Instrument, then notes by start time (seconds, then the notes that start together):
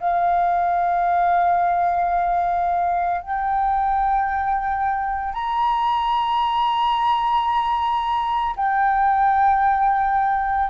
flute
0.00 F5
3.21 G5
5.33 A#5
8.57 G5